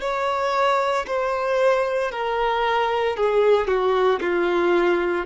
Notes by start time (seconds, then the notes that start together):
0.00 C#5
1.06 C5
2.11 A#4
3.16 G#4
3.67 F#4
4.20 F4